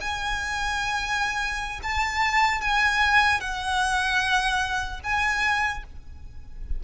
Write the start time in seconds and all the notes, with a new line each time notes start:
0.00 G#5
1.82 A5
2.61 G#5
3.40 F#5
5.03 G#5